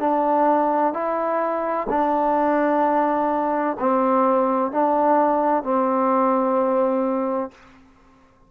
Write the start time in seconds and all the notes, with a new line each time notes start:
0.00 D4
0.94 E4
1.90 D4
3.80 C4
4.72 D4
5.64 C4